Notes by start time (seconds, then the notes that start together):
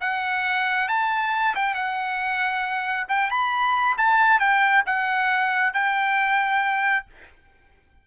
0.00 F#5
0.88 A5
1.55 G5
1.74 F#5
3.08 G5
3.30 B5
3.97 A5
4.39 G5
4.86 F#5
5.73 G5